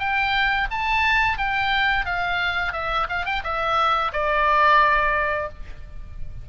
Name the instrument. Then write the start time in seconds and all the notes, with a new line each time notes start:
oboe
0.00 G5
0.71 A5
1.38 G5
2.06 F5
2.73 E5
3.09 F5
3.26 G5
3.44 E5
4.13 D5